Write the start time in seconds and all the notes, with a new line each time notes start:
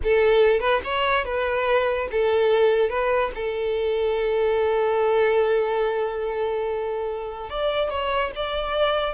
0.03 A4
0.60 B4
0.84 C#5
1.24 B4
2.11 A4
2.89 B4
3.34 A4
7.49 D5
7.89 C#5
8.35 D5